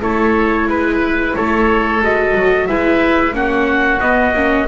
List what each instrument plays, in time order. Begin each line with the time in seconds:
0.00 double bass A3, viola E4, oboe A4, trumpet C#5
0.67 double bass G#3, oboe B4, trumpet B4
1.35 double bass A3, oboe A4, trumpet C#5
2.01 double bass G#3, viola F#4, trumpet D#5
2.34 double bass F#3
2.67 double bass G#3, viola E4, oboe B4, trumpet E5
3.32 double bass A#3, viola C#4, oboe F#4, trumpet F#5
4.00 double bass B3, viola B3, trumpet D#5
4.33 double bass A#3, viola C#4